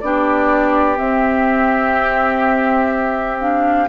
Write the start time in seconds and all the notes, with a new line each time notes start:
0.00 B3 D4 G4 D5
0.96 C4 E5
3.39 D4 F5